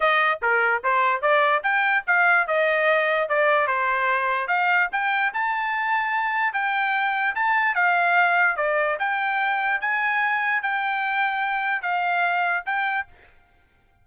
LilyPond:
\new Staff \with { instrumentName = "trumpet" } { \time 4/4 \tempo 4 = 147 dis''4 ais'4 c''4 d''4 | g''4 f''4 dis''2 | d''4 c''2 f''4 | g''4 a''2. |
g''2 a''4 f''4~ | f''4 d''4 g''2 | gis''2 g''2~ | g''4 f''2 g''4 | }